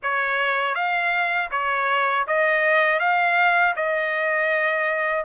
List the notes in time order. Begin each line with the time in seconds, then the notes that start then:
0.02 C#5
0.74 F5
1.51 C#5
2.27 D#5
2.99 F5
3.75 D#5